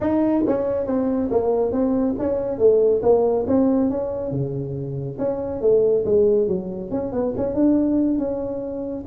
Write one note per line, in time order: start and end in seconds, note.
0.00 0.43 D#4
0.46 0.86 C#4
0.86 1.29 C4
1.30 1.71 A#3
1.71 2.15 C4
2.18 2.58 C#4
2.58 3.01 A3
3.02 3.45 A#3
3.47 3.90 C4
3.90 4.31 C#4
4.31 5.17 C#3
5.18 5.61 C#4
5.61 6.04 A3
6.05 6.47 G#3
6.47 6.90 F#3
6.90 7.12 C#4
7.12 7.33 B3
7.36 7.54 C#4
7.54 8.18 D4
8.18 9.04 C#4